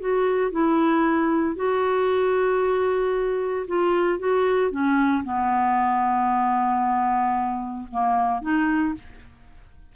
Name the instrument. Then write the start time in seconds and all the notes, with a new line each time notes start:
clarinet
0.00 F#4
0.52 E4
1.56 F#4
3.67 F4
4.19 F#4
4.71 C#4
5.24 B3
7.91 A#3
8.42 D#4